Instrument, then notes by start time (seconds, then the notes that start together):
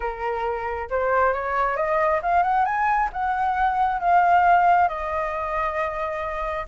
flute
0.00 A#4
0.89 C5
1.33 C#5
1.76 D#5
2.22 F5
2.43 F#5
2.65 G#5
3.12 F#5
4.00 F5
4.88 D#5